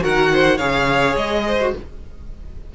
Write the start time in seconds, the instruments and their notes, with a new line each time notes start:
0.00 cello D#3, viola F#4, violin A#4 F#5
0.33 violin C5
0.57 cello C#3, viola G#4, violin C#5 F5
1.16 cello G#3, violin D#5
1.46 violin C5
1.60 viola F#4